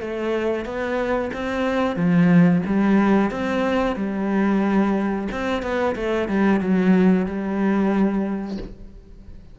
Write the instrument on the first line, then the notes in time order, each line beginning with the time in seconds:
cello
0.00 A3
0.65 B3
1.33 C4
1.96 F3
2.66 G3
3.31 C4
3.96 G3
5.31 C4
5.62 B3
5.96 A3
6.28 G3
6.60 F#3
7.26 G3